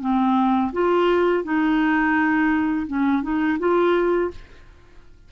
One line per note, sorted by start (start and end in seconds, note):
0.00 0.71 C4
0.72 1.44 F4
1.44 2.86 D#4
2.87 3.22 C#4
3.22 3.58 D#4
3.59 4.31 F4